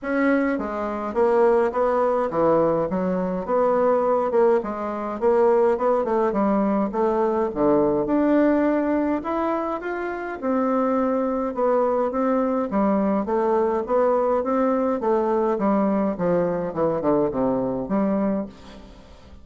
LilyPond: \new Staff \with { instrumentName = "bassoon" } { \time 4/4 \tempo 4 = 104 cis'4 gis4 ais4 b4 | e4 fis4 b4. ais8 | gis4 ais4 b8 a8 g4 | a4 d4 d'2 |
e'4 f'4 c'2 | b4 c'4 g4 a4 | b4 c'4 a4 g4 | f4 e8 d8 c4 g4 | }